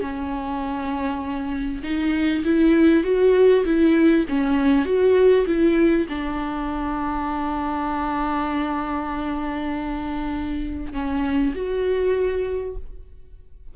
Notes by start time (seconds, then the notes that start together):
0.00 C#4
1.83 D#4
2.44 E4
3.04 F#4
3.65 E4
4.29 C#4
4.85 F#4
5.46 E4
6.09 D4
10.93 C#4
11.55 F#4